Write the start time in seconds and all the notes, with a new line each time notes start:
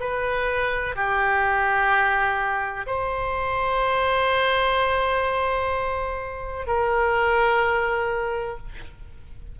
0.00 B4
0.96 G4
2.87 C5
6.67 A#4